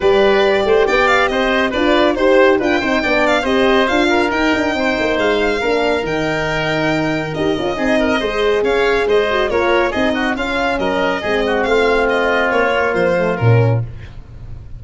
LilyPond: <<
  \new Staff \with { instrumentName = "violin" } { \time 4/4 \tempo 4 = 139 d''2 g''8 f''8 dis''4 | d''4 c''4 g''4. f''8 | dis''4 f''4 g''2 | f''2 g''2~ |
g''4 dis''2. | f''4 dis''4 cis''4 dis''4 | f''4 dis''2 f''4 | dis''4 cis''4 c''4 ais'4 | }
  \new Staff \with { instrumentName = "oboe" } { \time 4/4 b'4. c''8 d''4 c''4 | b'4 c''4 b'8 c''8 d''4 | c''4. ais'4. c''4~ | c''4 ais'2.~ |
ais'2 gis'8 ais'8 c''4 | cis''4 c''4 ais'4 gis'8 fis'8 | f'4 ais'4 gis'8 fis'8 f'4~ | f'1 | }
  \new Staff \with { instrumentName = "horn" } { \time 4/4 g'1 | f'4 g'4 f'8 dis'8 d'4 | g'4 f'4 dis'2~ | dis'4 d'4 dis'2~ |
dis'4 g'8 f'8 dis'4 gis'4~ | gis'4. fis'8 f'4 dis'4 | cis'2 c'2~ | c'4. ais4 a8 cis'4 | }
  \new Staff \with { instrumentName = "tuba" } { \time 4/4 g4. a8 b4 c'4 | d'4 dis'4 d'8 c'8 b4 | c'4 d'4 dis'8 d'8 c'8 ais8 | gis4 ais4 dis2~ |
dis4 dis'8 cis'8 c'4 gis4 | cis'4 gis4 ais4 c'4 | cis'4 fis4 gis4 a4~ | a4 ais4 f4 ais,4 | }
>>